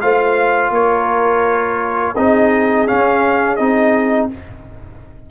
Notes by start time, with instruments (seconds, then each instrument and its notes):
0.00 tuba A3, trombone F4, horn C5, trumpet F5
0.70 tuba A#3, horn A#4, trumpet C#5
2.15 tuba C4, trombone D#4, horn G#4, trumpet D#5
2.87 trombone C#4, tuba C#4, trumpet F5
3.56 tuba C4, trombone D#4, trumpet D#5